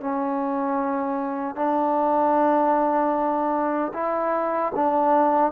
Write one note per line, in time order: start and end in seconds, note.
0.00 1.55 C#4
1.55 3.92 D4
3.93 4.72 E4
4.75 5.52 D4